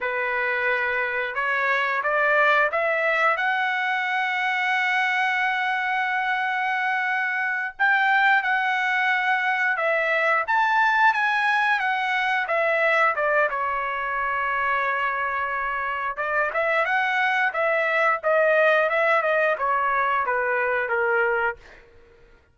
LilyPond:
\new Staff \with { instrumentName = "trumpet" } { \time 4/4 \tempo 4 = 89 b'2 cis''4 d''4 | e''4 fis''2.~ | fis''2.~ fis''8 g''8~ | g''8 fis''2 e''4 a''8~ |
a''8 gis''4 fis''4 e''4 d''8 | cis''1 | d''8 e''8 fis''4 e''4 dis''4 | e''8 dis''8 cis''4 b'4 ais'4 | }